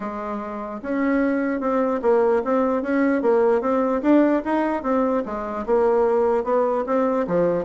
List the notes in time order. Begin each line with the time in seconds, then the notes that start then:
0.00 G#3
0.82 C#4
1.60 C4
2.02 A#3
2.44 C4
2.82 C#4
3.22 A#3
3.61 C4
4.02 D4
4.44 D#4
4.82 C4
5.25 G#3
5.66 A#3
6.44 B3
6.86 C4
7.27 F3